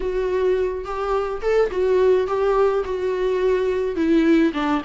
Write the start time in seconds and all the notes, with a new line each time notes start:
0.00 F#4
0.84 G4
1.41 A4
1.71 F#4
2.27 G4
2.84 F#4
3.95 E4
4.53 D4